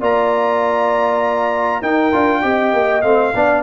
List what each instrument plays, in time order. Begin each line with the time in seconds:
0.00 tuba A#3, trombone F4, horn D5, trumpet A#5
1.80 tuba D#4, trombone D#4, horn A#4, trumpet G5
2.12 tuba D4, trombone F4
2.41 tuba C4, trombone G4, horn D#5
2.73 tuba A#3
3.01 tuba A3, trombone C4, trumpet F5
3.34 tuba B3, trombone D4, horn D5